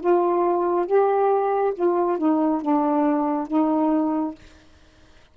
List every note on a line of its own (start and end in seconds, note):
0.00 0.86 F4
0.86 1.73 G4
1.74 2.18 F4
2.18 2.61 D#4
2.61 3.47 D4
3.47 4.34 D#4